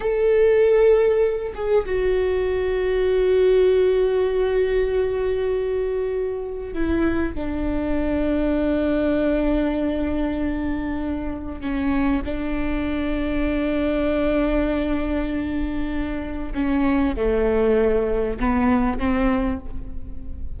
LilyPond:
\new Staff \with { instrumentName = "viola" } { \time 4/4 \tempo 4 = 98 a'2~ a'8 gis'8 fis'4~ | fis'1~ | fis'2. e'4 | d'1~ |
d'2. cis'4 | d'1~ | d'2. cis'4 | a2 b4 c'4 | }